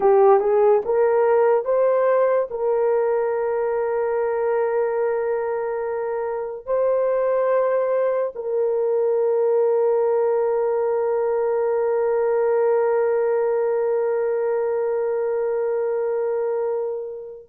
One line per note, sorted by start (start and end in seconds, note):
0.00 0.39 G4
0.39 0.81 G#4
0.85 1.64 A#4
1.64 2.48 C5
2.50 6.66 A#4
6.66 8.33 C5
8.35 17.49 A#4